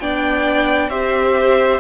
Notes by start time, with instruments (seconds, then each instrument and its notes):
0.00 cello B3, viola D4, violin D5 G5
0.89 cello C4, viola G4, violin C5 E5